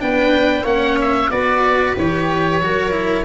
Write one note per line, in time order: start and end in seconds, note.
0.00 0.64 B3
0.00 0.65 D4
0.00 0.64 B4
0.00 0.66 G5
0.64 1.29 A#3
0.64 1.31 C#4
0.64 1.29 C#5
0.64 0.99 F#5
1.01 1.31 E5
1.31 1.97 B3
1.31 1.96 F#4
1.31 2.63 B4
1.31 1.96 D5
1.97 2.61 E3
1.97 2.62 G4
1.97 3.26 C#5
2.61 3.26 F#3
2.61 2.91 F#4
2.61 3.26 A#4
2.91 3.24 E4